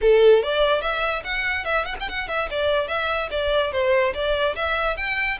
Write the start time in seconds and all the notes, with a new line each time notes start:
0.01 A4
0.43 D5
0.81 E5
1.23 F#5
1.64 E5
1.85 F#5
2.00 G5
2.09 F#5
2.28 E5
2.50 D5
2.88 E5
3.30 D5
3.72 C5
4.14 D5
4.55 E5
4.97 G5